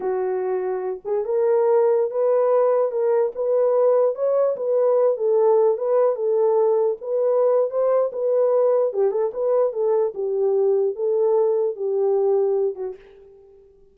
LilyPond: \new Staff \with { instrumentName = "horn" } { \time 4/4 \tempo 4 = 148 fis'2~ fis'8 gis'8 ais'4~ | ais'4~ ais'16 b'2 ais'8.~ | ais'16 b'2 cis''4 b'8.~ | b'8. a'4. b'4 a'8.~ |
a'4~ a'16 b'4.~ b'16 c''4 | b'2 g'8 a'8 b'4 | a'4 g'2 a'4~ | a'4 g'2~ g'8 fis'8 | }